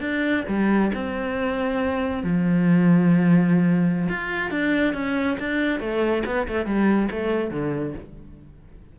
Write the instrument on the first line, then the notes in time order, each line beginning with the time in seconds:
cello
0.00 D4
0.48 G3
0.94 C4
2.23 F3
4.09 F4
4.51 D4
4.94 C#4
5.39 D4
5.80 A3
6.25 B3
6.48 A3
6.65 G3
7.11 A3
7.50 D3